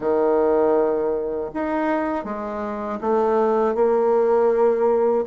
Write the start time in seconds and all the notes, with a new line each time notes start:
0.00 D#3
1.54 D#4
2.24 G#3
3.00 A3
3.74 A#3